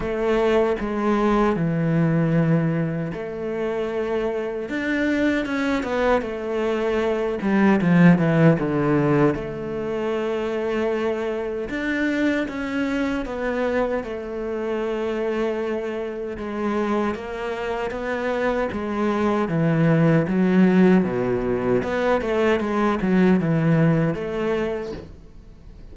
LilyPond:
\new Staff \with { instrumentName = "cello" } { \time 4/4 \tempo 4 = 77 a4 gis4 e2 | a2 d'4 cis'8 b8 | a4. g8 f8 e8 d4 | a2. d'4 |
cis'4 b4 a2~ | a4 gis4 ais4 b4 | gis4 e4 fis4 b,4 | b8 a8 gis8 fis8 e4 a4 | }